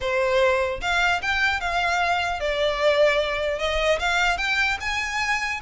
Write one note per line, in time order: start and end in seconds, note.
0.00 0.80 C5
0.81 1.21 F5
1.22 1.60 G5
1.60 2.40 F5
2.40 3.59 D5
3.59 3.99 D#5
3.99 4.37 F5
4.37 4.77 G5
4.80 5.60 G#5